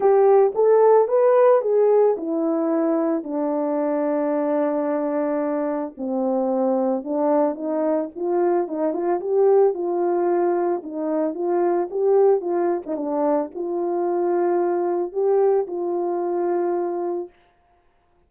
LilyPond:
\new Staff \with { instrumentName = "horn" } { \time 4/4 \tempo 4 = 111 g'4 a'4 b'4 gis'4 | e'2 d'2~ | d'2. c'4~ | c'4 d'4 dis'4 f'4 |
dis'8 f'8 g'4 f'2 | dis'4 f'4 g'4 f'8. dis'16 | d'4 f'2. | g'4 f'2. | }